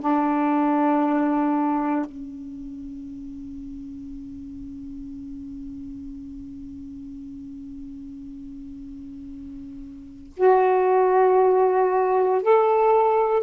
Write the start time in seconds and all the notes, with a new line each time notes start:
0.00 D4
2.05 C#4
10.36 F#4
12.43 A4